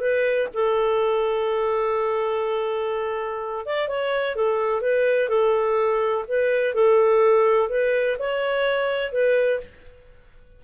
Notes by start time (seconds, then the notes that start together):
0.00 B4
0.54 A4
3.65 D5
3.88 C#5
4.36 A4
4.81 B4
5.29 A4
6.28 B4
6.74 A4
7.69 B4
8.19 C#5
9.12 B4